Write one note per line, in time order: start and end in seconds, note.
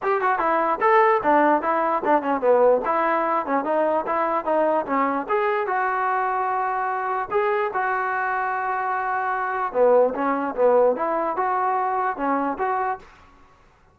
0.02 0.21 G4
0.21 0.39 F#4
0.39 0.79 E4
0.80 1.21 A4
1.23 1.61 D4
1.61 2.02 E4
2.04 2.22 D4
2.22 2.40 C#4
2.40 2.81 B3
2.85 3.46 E4
3.46 3.64 C#4
3.64 4.05 D#4
4.06 4.45 E4
4.45 4.85 D#4
4.86 5.26 C#4
5.28 5.66 G#4
5.66 7.28 F#4
7.30 7.71 G#4
7.73 9.72 F#4
9.72 10.13 B3
10.14 10.54 C#4
10.55 10.96 B3
10.96 11.36 E4
11.36 12.16 F#4
12.16 12.57 C#4
12.58 12.98 F#4